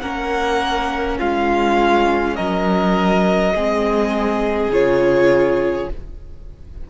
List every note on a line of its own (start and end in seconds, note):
0.00 1.19 A#3
0.00 3.55 C#4
0.00 1.19 A#4
0.00 1.18 F#5
1.19 2.37 G#3
1.19 2.36 F4
1.19 2.36 F5
2.36 3.55 F#3
2.36 3.54 A#4
2.36 4.71 D#5
3.55 4.68 G#3
3.55 4.73 C4
3.55 5.90 G#4
4.68 5.86 C#3
4.68 5.90 F4
4.68 5.90 C#5